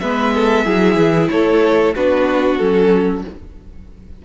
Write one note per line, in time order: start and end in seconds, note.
0.00 0.66 G#3
0.00 0.66 B3
0.00 0.34 B4
0.00 1.29 E5
0.35 0.66 A4
0.66 0.96 F#3
0.66 1.95 E4
0.66 1.30 G#4
0.96 1.29 E3
1.30 1.96 A3
1.30 1.96 A4
1.30 1.95 C#5
1.96 2.60 B3
1.96 2.61 D4
1.96 3.25 F#4
1.96 2.58 B4
2.58 3.25 F#3
2.58 3.25 C#4
2.58 3.22 A4